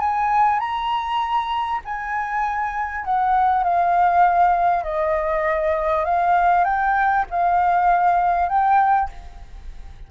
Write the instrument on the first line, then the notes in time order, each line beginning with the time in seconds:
flute
0.00 G#5
0.59 A#5
1.85 G#5
3.04 F#5
3.63 F5
4.84 D#5
6.04 F5
6.64 G5
7.30 F5
8.48 G5